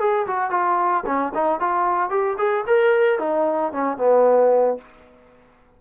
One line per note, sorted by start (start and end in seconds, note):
0.00 0.27 G#4
0.27 0.51 F#4
0.51 1.04 F4
1.06 1.33 C#4
1.35 1.60 D#4
1.60 2.10 F4
2.10 2.37 G4
2.38 2.65 G#4
2.67 3.19 A#4
3.19 3.73 D#4
3.73 3.98 C#4
3.98 4.78 B3